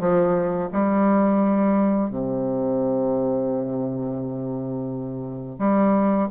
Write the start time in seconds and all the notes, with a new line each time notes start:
0.00 F3
0.72 G3
2.10 C3
5.59 G3